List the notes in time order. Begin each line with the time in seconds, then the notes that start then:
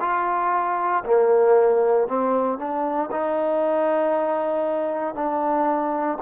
0.00 F4
1.05 A#3
2.08 C4
2.58 D4
3.11 D#4
5.14 D4